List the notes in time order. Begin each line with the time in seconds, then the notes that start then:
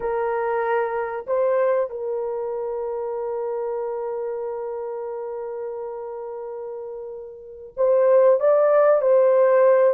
0.00 A#4
1.27 C5
1.89 A#4
7.77 C5
8.39 D5
9.01 C5